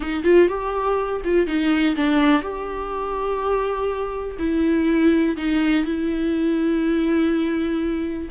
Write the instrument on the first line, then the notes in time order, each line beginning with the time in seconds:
viola
0.00 D#4
0.23 F4
0.48 G4
1.24 F4
1.46 D#4
1.96 D4
2.42 G4
4.38 E4
5.37 D#4
5.85 E4